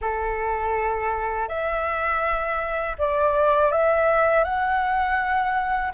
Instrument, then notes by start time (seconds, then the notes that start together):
flute
0.01 A4
1.48 E5
2.98 D5
3.71 E5
4.43 F#5